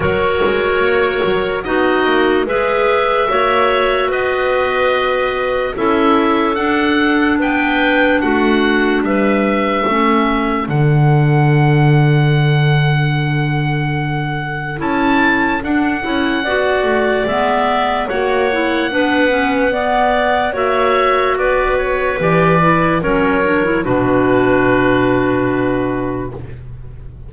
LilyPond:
<<
  \new Staff \with { instrumentName = "oboe" } { \time 4/4 \tempo 4 = 73 cis''2 dis''4 e''4~ | e''4 dis''2 e''4 | fis''4 g''4 fis''4 e''4~ | e''4 fis''2.~ |
fis''2 a''4 fis''4~ | fis''4 e''4 fis''2~ | fis''4 e''4 d''8 cis''8 d''4 | cis''4 b'2. | }
  \new Staff \with { instrumentName = "clarinet" } { \time 4/4 ais'2 fis'4 b'4 | cis''4 b'2 a'4~ | a'4 b'4 fis'4 b'4 | a'1~ |
a'1 | d''2 cis''4 b'4 | d''4 cis''4 b'2 | ais'4 fis'2. | }
  \new Staff \with { instrumentName = "clarinet" } { \time 4/4 fis'2 dis'4 gis'4 | fis'2. e'4 | d'1 | cis'4 d'2.~ |
d'2 e'4 d'8 e'8 | fis'4 b4 fis'8 e'8 d'8 cis'8 | b4 fis'2 g'8 e'8 | cis'8 d'16 e'16 d'2. | }
  \new Staff \with { instrumentName = "double bass" } { \time 4/4 fis8 gis8 ais8 fis8 b8 ais8 gis4 | ais4 b2 cis'4 | d'4 b4 a4 g4 | a4 d2.~ |
d2 cis'4 d'8 cis'8 | b8 a8 gis4 ais4 b4~ | b4 ais4 b4 e4 | fis4 b,2. | }
>>